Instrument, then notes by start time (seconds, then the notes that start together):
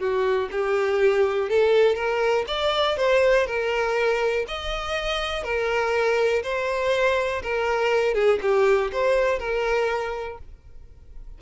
violin
0.00 F#4
0.52 G4
1.50 A4
1.96 A#4
2.48 D5
2.98 C5
3.47 A#4
4.48 D#5
5.44 A#4
6.43 C5
7.43 A#4
8.15 G#4
8.42 G4
8.93 C5
9.39 A#4